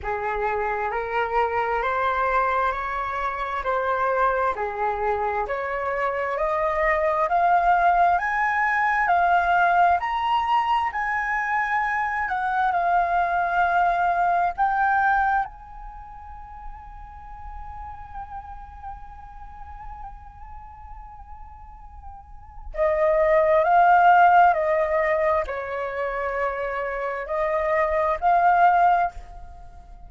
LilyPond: \new Staff \with { instrumentName = "flute" } { \time 4/4 \tempo 4 = 66 gis'4 ais'4 c''4 cis''4 | c''4 gis'4 cis''4 dis''4 | f''4 gis''4 f''4 ais''4 | gis''4. fis''8 f''2 |
g''4 gis''2.~ | gis''1~ | gis''4 dis''4 f''4 dis''4 | cis''2 dis''4 f''4 | }